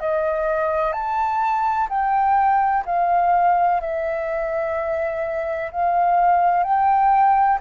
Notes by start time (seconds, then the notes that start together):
0.00 D#5
0.93 A5
1.89 G5
2.86 F5
3.81 E5
5.72 F5
6.64 G5